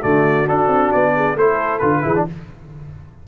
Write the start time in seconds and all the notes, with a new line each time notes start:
0.00 D3 A3 F#4 D5
0.47 D4 A4
0.67 C4
0.92 B3 D5
1.15 G#4
1.35 A3 E4 A4 C5
1.79 D3 F4 B4
2.03 E3 E4 G#4
2.16 D4